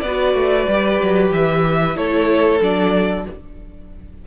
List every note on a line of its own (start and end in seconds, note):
0.00 0.35 B3
0.00 1.97 B4
0.00 1.29 D5
0.07 0.70 F#4
0.35 0.67 A3
0.68 1.00 G3
0.68 1.96 G4
1.03 1.32 F#3
1.32 1.96 E3
1.32 1.97 E5
1.96 2.61 A3
1.96 2.60 E4
1.96 3.26 A4
1.96 2.62 C#5
2.61 3.26 F#3
2.61 3.26 D4
2.61 3.27 D5